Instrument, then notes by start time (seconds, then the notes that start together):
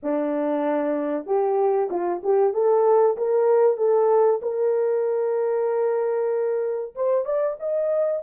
horn
0.02 D4
1.26 G4
1.90 F4
2.22 G4
2.53 A4
3.17 A#4
3.77 A4
4.42 A#4
6.95 C5
7.25 D5
7.59 D#5